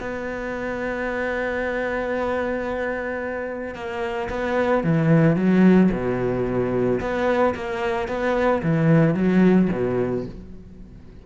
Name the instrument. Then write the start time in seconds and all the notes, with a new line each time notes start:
cello
0.00 B3
3.75 A#3
4.29 B3
4.84 E3
5.36 F#3
5.92 B2
7.00 B3
7.55 A#3
8.08 B3
8.63 E3
9.14 F#3
9.71 B2